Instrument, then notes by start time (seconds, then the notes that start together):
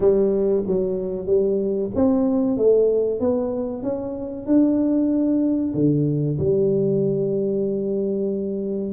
tuba
0.00 G3
0.66 F#3
1.26 G3
1.95 C4
2.57 A3
3.19 B3
3.82 C#4
4.46 D4
5.74 D3
6.38 G3